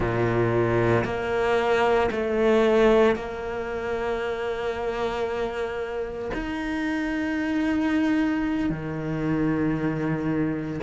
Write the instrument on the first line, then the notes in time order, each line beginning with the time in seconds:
cello
0.00 A#2
1.04 A#3
2.11 A3
3.15 A#3
6.33 D#4
8.69 D#3